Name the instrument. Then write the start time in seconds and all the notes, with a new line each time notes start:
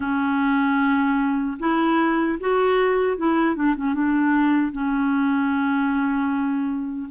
clarinet
0.00 C#4
1.59 E4
2.39 F#4
3.17 E4
3.55 D4
3.75 C#4
3.93 D4
4.72 C#4